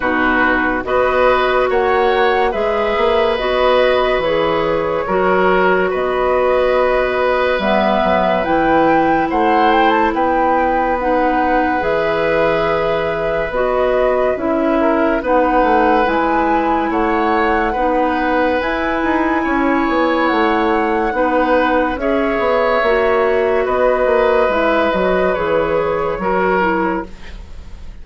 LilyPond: <<
  \new Staff \with { instrumentName = "flute" } { \time 4/4 \tempo 4 = 71 b'4 dis''4 fis''4 e''4 | dis''4 cis''2 dis''4~ | dis''4 e''4 g''4 fis''8 g''16 a''16 | g''4 fis''4 e''2 |
dis''4 e''4 fis''4 gis''4 | fis''2 gis''2 | fis''2 e''2 | dis''4 e''8 dis''8 cis''2 | }
  \new Staff \with { instrumentName = "oboe" } { \time 4/4 fis'4 b'4 cis''4 b'4~ | b'2 ais'4 b'4~ | b'2. c''4 | b'1~ |
b'4. ais'8 b'2 | cis''4 b'2 cis''4~ | cis''4 b'4 cis''2 | b'2. ais'4 | }
  \new Staff \with { instrumentName = "clarinet" } { \time 4/4 dis'4 fis'2 gis'4 | fis'4 gis'4 fis'2~ | fis'4 b4 e'2~ | e'4 dis'4 gis'2 |
fis'4 e'4 dis'4 e'4~ | e'4 dis'4 e'2~ | e'4 dis'4 gis'4 fis'4~ | fis'4 e'8 fis'8 gis'4 fis'8 e'8 | }
  \new Staff \with { instrumentName = "bassoon" } { \time 4/4 b,4 b4 ais4 gis8 ais8 | b4 e4 fis4 b4~ | b4 g8 fis8 e4 a4 | b2 e2 |
b4 cis'4 b8 a8 gis4 | a4 b4 e'8 dis'8 cis'8 b8 | a4 b4 cis'8 b8 ais4 | b8 ais8 gis8 fis8 e4 fis4 | }
>>